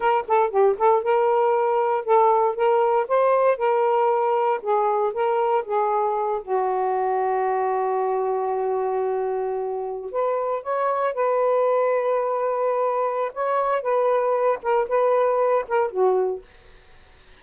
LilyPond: \new Staff \with { instrumentName = "saxophone" } { \time 4/4 \tempo 4 = 117 ais'8 a'8 g'8 a'8 ais'2 | a'4 ais'4 c''4 ais'4~ | ais'4 gis'4 ais'4 gis'4~ | gis'8 fis'2.~ fis'8~ |
fis'2.~ fis'8. b'16~ | b'8. cis''4 b'2~ b'16~ | b'2 cis''4 b'4~ | b'8 ais'8 b'4. ais'8 fis'4 | }